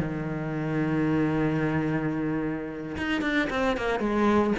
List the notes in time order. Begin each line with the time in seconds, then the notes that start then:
0.00 D#3
2.98 D#4
3.22 D4
3.50 C4
3.78 A#3
4.00 G#3